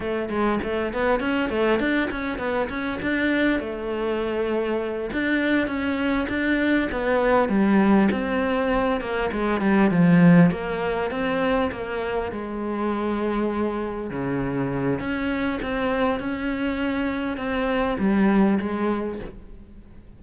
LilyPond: \new Staff \with { instrumentName = "cello" } { \time 4/4 \tempo 4 = 100 a8 gis8 a8 b8 cis'8 a8 d'8 cis'8 | b8 cis'8 d'4 a2~ | a8 d'4 cis'4 d'4 b8~ | b8 g4 c'4. ais8 gis8 |
g8 f4 ais4 c'4 ais8~ | ais8 gis2. cis8~ | cis4 cis'4 c'4 cis'4~ | cis'4 c'4 g4 gis4 | }